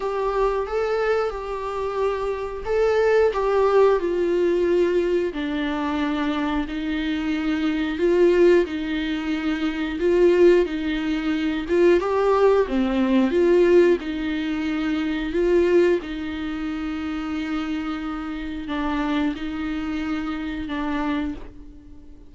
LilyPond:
\new Staff \with { instrumentName = "viola" } { \time 4/4 \tempo 4 = 90 g'4 a'4 g'2 | a'4 g'4 f'2 | d'2 dis'2 | f'4 dis'2 f'4 |
dis'4. f'8 g'4 c'4 | f'4 dis'2 f'4 | dis'1 | d'4 dis'2 d'4 | }